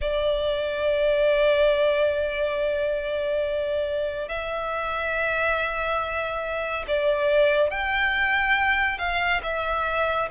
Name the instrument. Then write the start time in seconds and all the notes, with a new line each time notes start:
violin
0.01 D5
4.28 E5
6.87 D5
7.70 G5
8.98 F5
9.42 E5